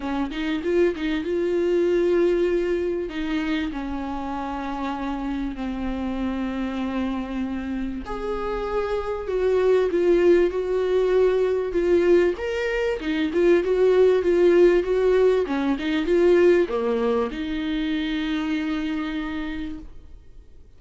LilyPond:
\new Staff \with { instrumentName = "viola" } { \time 4/4 \tempo 4 = 97 cis'8 dis'8 f'8 dis'8 f'2~ | f'4 dis'4 cis'2~ | cis'4 c'2.~ | c'4 gis'2 fis'4 |
f'4 fis'2 f'4 | ais'4 dis'8 f'8 fis'4 f'4 | fis'4 cis'8 dis'8 f'4 ais4 | dis'1 | }